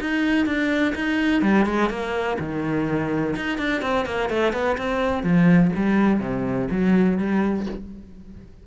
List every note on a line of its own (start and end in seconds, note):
0.00 0.46 D#4
0.46 0.94 D4
0.95 1.42 D#4
1.42 1.65 G3
1.65 1.89 G#3
1.89 2.37 A#3
2.39 3.35 D#3
3.36 3.58 D#4
3.58 3.81 D4
3.81 4.05 C4
4.05 4.29 A#3
4.29 4.53 A3
4.53 4.77 B3
4.77 5.23 C4
5.23 5.71 F3
5.75 6.20 G3
6.20 6.68 C3
6.70 7.18 F#3
7.18 7.66 G3